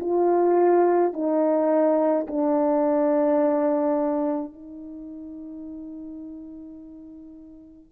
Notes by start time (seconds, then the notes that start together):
0.00 F4
1.13 D#4
2.27 D4
4.53 D#4